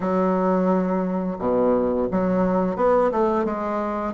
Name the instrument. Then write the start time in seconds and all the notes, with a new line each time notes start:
bassoon
0.00 F#3
1.39 B2
2.11 F#3
2.76 B3
3.11 A3
3.44 G#3